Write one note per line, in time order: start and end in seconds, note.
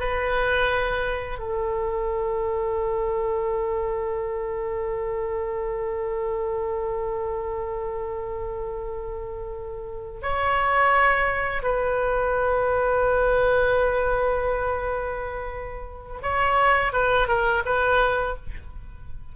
0.00 1.39 B4
1.39 10.21 A4
10.22 11.63 C#5
11.63 16.22 B4
16.23 16.93 C#5
16.93 17.28 B4
17.28 17.63 A#4
17.65 18.36 B4